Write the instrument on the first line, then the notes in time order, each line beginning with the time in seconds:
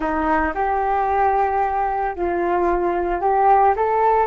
flute
0.00 D#4
0.54 G4
2.15 F4
3.20 G4
3.76 A4